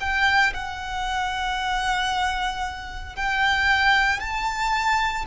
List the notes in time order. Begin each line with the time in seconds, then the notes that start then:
0.00 G5
0.54 F#5
3.16 G5
4.20 A5